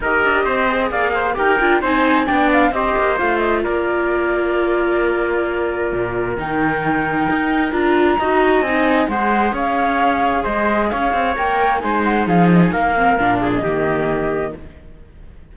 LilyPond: <<
  \new Staff \with { instrumentName = "flute" } { \time 4/4 \tempo 4 = 132 dis''2 f''4 g''4 | gis''4 g''8 f''8 dis''4 f''8 dis''8 | d''1~ | d''2 g''2~ |
g''4 ais''2 gis''4 | fis''4 f''2 dis''4 | f''4 g''4 gis''8 fis''8 f''8 dis''16 gis''16 | f''4.~ f''16 dis''2~ dis''16 | }
  \new Staff \with { instrumentName = "trumpet" } { \time 4/4 ais'4 c''4 d''8 c''8 ais'4 | c''4 d''4 c''2 | ais'1~ | ais'1~ |
ais'2 dis''2 | c''4 cis''2 c''4 | cis''2 c''4 gis'4 | ais'4. gis'8 g'2 | }
  \new Staff \with { instrumentName = "viola" } { \time 4/4 g'4. gis'4. g'8 f'8 | dis'4 d'4 g'4 f'4~ | f'1~ | f'2 dis'2~ |
dis'4 f'4 fis'4 dis'4 | gis'1~ | gis'4 ais'4 dis'2~ | dis'8 c'8 d'4 ais2 | }
  \new Staff \with { instrumentName = "cello" } { \time 4/4 dis'8 d'8 c'4 ais4 dis'8 d'8 | c'4 b4 c'8 ais8 a4 | ais1~ | ais4 ais,4 dis2 |
dis'4 d'4 dis'4 c'4 | gis4 cis'2 gis4 | cis'8 c'8 ais4 gis4 f4 | ais4 ais,4 dis2 | }
>>